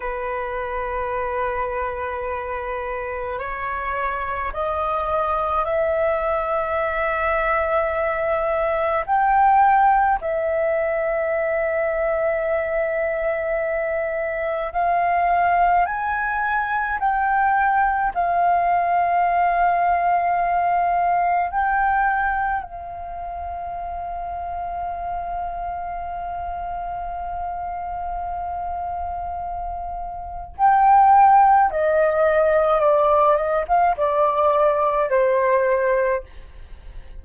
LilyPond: \new Staff \with { instrumentName = "flute" } { \time 4/4 \tempo 4 = 53 b'2. cis''4 | dis''4 e''2. | g''4 e''2.~ | e''4 f''4 gis''4 g''4 |
f''2. g''4 | f''1~ | f''2. g''4 | dis''4 d''8 dis''16 f''16 d''4 c''4 | }